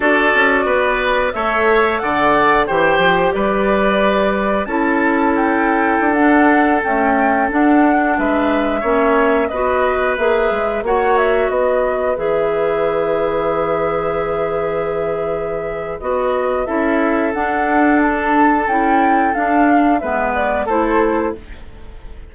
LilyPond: <<
  \new Staff \with { instrumentName = "flute" } { \time 4/4 \tempo 4 = 90 d''2 e''4 fis''4 | g''4 d''2 a''4 | g''4~ g''16 fis''4 g''4 fis''8.~ | fis''16 e''2 dis''4 e''8.~ |
e''16 fis''8 e''8 dis''4 e''4.~ e''16~ | e''1 | dis''4 e''4 fis''4 a''4 | g''4 f''4 e''8 d''8 c''4 | }
  \new Staff \with { instrumentName = "oboe" } { \time 4/4 a'4 b'4 cis''4 d''4 | c''4 b'2 a'4~ | a'1~ | a'16 b'4 cis''4 b'4.~ b'16~ |
b'16 cis''4 b'2~ b'8.~ | b'1~ | b'4 a'2.~ | a'2 b'4 a'4 | }
  \new Staff \with { instrumentName = "clarinet" } { \time 4/4 fis'2 a'2 | g'2. e'4~ | e'4~ e'16 d'4 a4 d'8.~ | d'4~ d'16 cis'4 fis'4 gis'8.~ |
gis'16 fis'2 gis'4.~ gis'16~ | gis'1 | fis'4 e'4 d'2 | e'4 d'4 b4 e'4 | }
  \new Staff \with { instrumentName = "bassoon" } { \time 4/4 d'8 cis'8 b4 a4 d4 | e8 f8 g2 cis'4~ | cis'4 d'4~ d'16 cis'4 d'8.~ | d'16 gis4 ais4 b4 ais8 gis16~ |
gis16 ais4 b4 e4.~ e16~ | e1 | b4 cis'4 d'2 | cis'4 d'4 gis4 a4 | }
>>